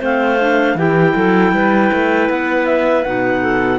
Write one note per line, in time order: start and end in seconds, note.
0.00 0.75 A3
0.00 0.38 C4
0.00 0.76 C5
0.00 0.78 F5
0.40 0.78 D4
0.75 1.13 E3
0.75 3.06 E4
0.75 1.15 G4
0.75 2.30 G5
1.15 1.53 F#3
1.15 1.53 A4
1.53 1.91 G3
1.53 3.42 B4
1.93 2.30 A3
2.30 3.06 B3
2.30 2.66 F#5
2.66 3.04 E5
3.04 3.79 B2
3.04 3.79 D#4
3.04 3.79 F#5
3.42 3.79 A4